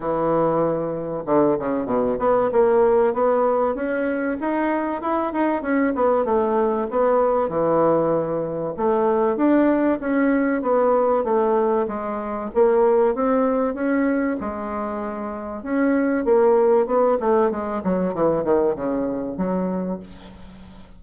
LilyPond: \new Staff \with { instrumentName = "bassoon" } { \time 4/4 \tempo 4 = 96 e2 d8 cis8 b,8 b8 | ais4 b4 cis'4 dis'4 | e'8 dis'8 cis'8 b8 a4 b4 | e2 a4 d'4 |
cis'4 b4 a4 gis4 | ais4 c'4 cis'4 gis4~ | gis4 cis'4 ais4 b8 a8 | gis8 fis8 e8 dis8 cis4 fis4 | }